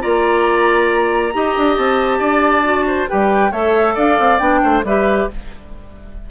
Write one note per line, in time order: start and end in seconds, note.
0.00 1.34 A#3
0.00 1.31 F4
0.00 1.33 D5
0.00 1.76 A#5
1.33 1.56 D#4
1.33 2.63 G4
1.33 2.19 D#5
1.56 1.77 D4
1.77 2.19 C4
1.77 3.08 A5
2.19 3.07 D4
2.19 2.84 D5
2.63 3.07 F#4
2.87 3.09 C5
3.08 3.51 G3
3.08 3.51 G4
3.08 3.51 B4
3.08 3.52 G5
3.51 3.95 A3
3.51 4.39 A4
3.51 3.94 C#5
3.51 3.96 E5
3.94 4.18 D4
3.94 4.60 D5
3.94 4.38 F5
4.19 4.40 C4
4.38 4.61 B3
4.38 4.83 D4
4.38 4.82 G5
4.62 4.83 A3
4.62 4.84 C5
4.83 5.27 G3
4.83 5.30 G4
4.83 5.30 B4
4.83 5.30 E5